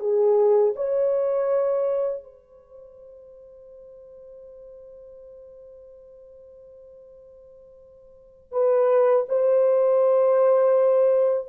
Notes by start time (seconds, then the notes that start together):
0.00 G#4
0.76 C#5
2.24 C5
8.52 B4
9.29 C5